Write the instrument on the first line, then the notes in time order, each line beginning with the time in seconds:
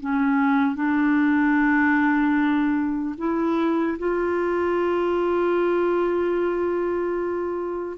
clarinet
0.00 C#4
0.75 D4
3.17 E4
3.98 F4